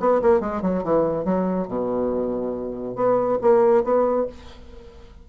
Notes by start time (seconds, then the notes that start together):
0.00 B3
0.22 A#3
0.41 G#3
0.62 F#3
0.84 E3
1.25 F#3
1.68 B2
2.96 B3
3.42 A#3
3.84 B3